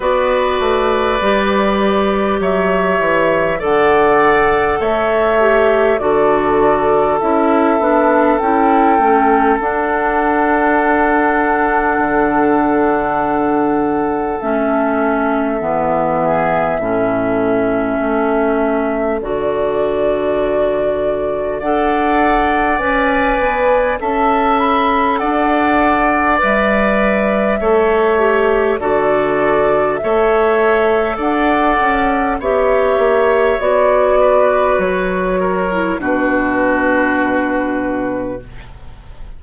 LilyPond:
<<
  \new Staff \with { instrumentName = "flute" } { \time 4/4 \tempo 4 = 50 d''2 e''4 fis''4 | e''4 d''4 e''4 g''4 | fis''1 | e''1 |
d''2 fis''4 gis''4 | a''8 b''8 fis''4 e''2 | d''4 e''4 fis''4 e''4 | d''4 cis''4 b'2 | }
  \new Staff \with { instrumentName = "oboe" } { \time 4/4 b'2 cis''4 d''4 | cis''4 a'2.~ | a'1~ | a'4. gis'8 a'2~ |
a'2 d''2 | e''4 d''2 cis''4 | a'4 cis''4 d''4 cis''4~ | cis''8 b'4 ais'8 fis'2 | }
  \new Staff \with { instrumentName = "clarinet" } { \time 4/4 fis'4 g'2 a'4~ | a'8 g'8 fis'4 e'8 d'8 e'8 cis'8 | d'1 | cis'4 b4 cis'2 |
fis'2 a'4 b'4 | a'2 b'4 a'8 g'8 | fis'4 a'2 g'4 | fis'4.~ fis'16 e'16 d'2 | }
  \new Staff \with { instrumentName = "bassoon" } { \time 4/4 b8 a8 g4 fis8 e8 d4 | a4 d4 cis'8 b8 cis'8 a8 | d'2 d2 | a4 e4 a,4 a4 |
d2 d'4 cis'8 b8 | cis'4 d'4 g4 a4 | d4 a4 d'8 cis'8 b8 ais8 | b4 fis4 b,2 | }
>>